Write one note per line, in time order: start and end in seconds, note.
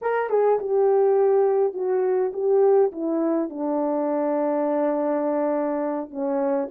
0.01 0.29 A#4
0.29 0.59 G#4
0.59 1.73 G4
1.73 2.31 F#4
2.33 2.91 G4
2.92 3.49 E4
3.49 6.10 D4
6.10 6.68 C#4